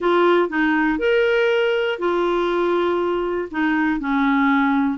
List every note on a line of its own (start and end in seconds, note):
0.00 0.49 F4
0.49 0.98 D#4
0.98 1.98 A#4
1.98 3.48 F4
3.51 4.00 D#4
4.00 4.98 C#4